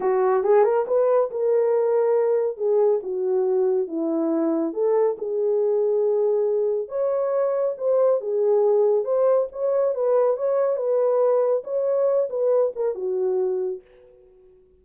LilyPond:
\new Staff \with { instrumentName = "horn" } { \time 4/4 \tempo 4 = 139 fis'4 gis'8 ais'8 b'4 ais'4~ | ais'2 gis'4 fis'4~ | fis'4 e'2 a'4 | gis'1 |
cis''2 c''4 gis'4~ | gis'4 c''4 cis''4 b'4 | cis''4 b'2 cis''4~ | cis''8 b'4 ais'8 fis'2 | }